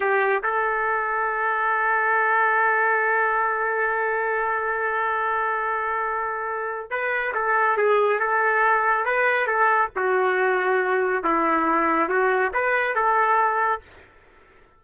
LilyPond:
\new Staff \with { instrumentName = "trumpet" } { \time 4/4 \tempo 4 = 139 g'4 a'2.~ | a'1~ | a'1~ | a'1 |
b'4 a'4 gis'4 a'4~ | a'4 b'4 a'4 fis'4~ | fis'2 e'2 | fis'4 b'4 a'2 | }